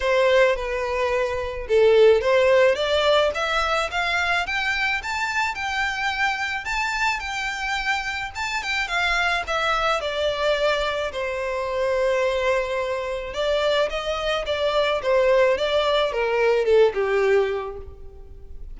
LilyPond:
\new Staff \with { instrumentName = "violin" } { \time 4/4 \tempo 4 = 108 c''4 b'2 a'4 | c''4 d''4 e''4 f''4 | g''4 a''4 g''2 | a''4 g''2 a''8 g''8 |
f''4 e''4 d''2 | c''1 | d''4 dis''4 d''4 c''4 | d''4 ais'4 a'8 g'4. | }